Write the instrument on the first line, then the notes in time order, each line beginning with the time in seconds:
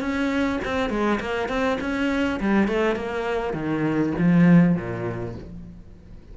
cello
0.00 C#4
0.65 C4
0.90 G#3
1.20 A#3
1.49 C4
1.80 C#4
2.40 G3
2.68 A3
2.96 A#3
3.53 D#3
4.18 F3
4.76 A#2